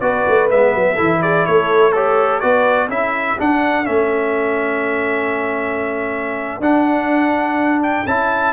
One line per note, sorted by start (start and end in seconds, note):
0.00 0.25 B3
0.00 0.49 F#4
0.00 0.94 B4
0.00 0.48 D5
0.28 0.51 A3
0.50 0.74 G#3
0.50 0.96 B3
0.50 1.22 E5
0.74 0.98 F#3
0.94 1.47 E3
0.94 1.92 E4
0.94 1.18 A4
1.22 1.47 G#4
1.22 1.46 D5
1.46 2.43 A3
1.46 1.93 A4
1.46 1.92 C#5
1.92 2.41 G4
1.92 2.40 A4
1.92 2.41 C#5
2.40 2.89 B3
2.40 2.89 F#4
2.40 2.89 B4
2.40 2.88 D5
2.89 3.37 C#4
2.89 3.37 E4
2.89 8.53 A4
2.89 3.38 E5
3.39 3.85 D4
3.39 3.88 D4
3.39 3.86 F#5
3.85 6.60 A3
3.85 6.61 C#4
3.85 6.62 E5
6.60 8.04 D4
6.60 8.06 D4
6.60 7.82 F#5
7.83 8.06 G5
8.06 8.53 C#4
8.06 8.53 E4
8.06 8.53 A5